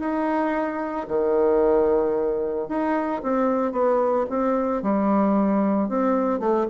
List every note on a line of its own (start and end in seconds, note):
0.00 1.07 D#4
1.08 2.69 D#3
2.69 3.22 D#4
3.23 3.72 C4
3.72 4.26 B3
4.30 4.83 C4
4.83 5.89 G3
5.89 6.40 C4
6.40 6.67 A3